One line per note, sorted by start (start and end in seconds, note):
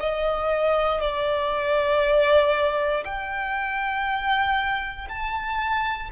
0.00 1.01 D#5
1.01 3.04 D5
3.05 5.08 G5
5.09 6.11 A5